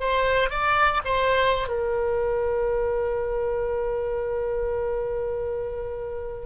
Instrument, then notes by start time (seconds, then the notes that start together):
oboe
0.00 C5
0.50 D5
1.05 C5
1.68 A#4